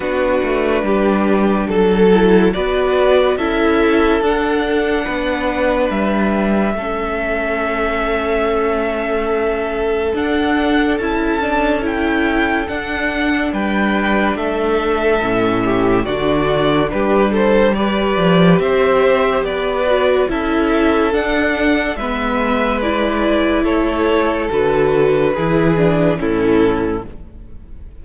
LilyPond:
<<
  \new Staff \with { instrumentName = "violin" } { \time 4/4 \tempo 4 = 71 b'2 a'4 d''4 | e''4 fis''2 e''4~ | e''1 | fis''4 a''4 g''4 fis''4 |
g''4 e''2 d''4 | b'8 c''8 d''4 e''4 d''4 | e''4 fis''4 e''4 d''4 | cis''4 b'2 a'4 | }
  \new Staff \with { instrumentName = "violin" } { \time 4/4 fis'4 g'4 a'4 b'4 | a'2 b'2 | a'1~ | a'1 |
b'4 a'4. g'8 fis'4 | g'8 a'8 b'4 c''4 b'4 | a'2 b'2 | a'2 gis'4 e'4 | }
  \new Staff \with { instrumentName = "viola" } { \time 4/4 d'2~ d'8 e'8 fis'4 | e'4 d'2. | cis'1 | d'4 e'8 d'8 e'4 d'4~ |
d'2 cis'4 d'4~ | d'4 g'2~ g'8 fis'8 | e'4 d'4 b4 e'4~ | e'4 fis'4 e'8 d'8 cis'4 | }
  \new Staff \with { instrumentName = "cello" } { \time 4/4 b8 a8 g4 fis4 b4 | cis'4 d'4 b4 g4 | a1 | d'4 cis'2 d'4 |
g4 a4 a,4 d4 | g4. f8 c'4 b4 | cis'4 d'4 gis2 | a4 d4 e4 a,4 | }
>>